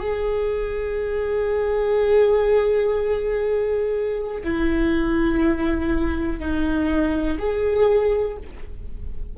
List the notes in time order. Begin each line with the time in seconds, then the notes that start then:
0.00 G#4
4.44 E4
6.39 D#4
7.39 G#4